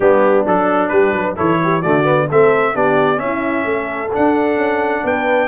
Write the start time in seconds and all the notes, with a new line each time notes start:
0.00 G3 B3 D4 G4
0.45 F#3 D4 A4
0.88 G3 G4 B4
1.13 F#3 B4
1.36 E3 E4 A4 C#5
1.63 G4
1.81 D3 A3 F#4 D5
2.03 B3
2.30 A3 C4 A4 E5
2.74 B3 D4 G4 D5
3.16 C#4 E5
3.23 E4
3.65 A3 A4
4.12 D4 F#5
4.56 C#4
5.04 B3 B4 G5